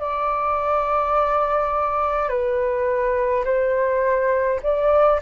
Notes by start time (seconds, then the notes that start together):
0.00 D5
2.29 B4
3.45 C5
4.63 D5